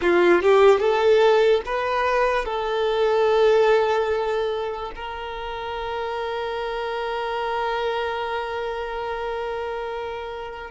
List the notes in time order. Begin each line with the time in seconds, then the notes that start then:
0.01 F4
0.42 G4
0.79 A4
1.65 B4
2.45 A4
4.95 A#4